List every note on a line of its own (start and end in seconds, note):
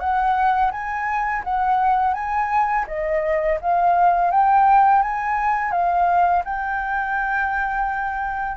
0.00 0.71 F#5
0.72 1.43 G#5
1.44 2.14 F#5
2.14 2.85 G#5
2.88 3.59 D#5
3.61 4.31 F5
4.31 5.02 G5
5.02 5.72 G#5
5.72 6.43 F5
6.45 8.57 G5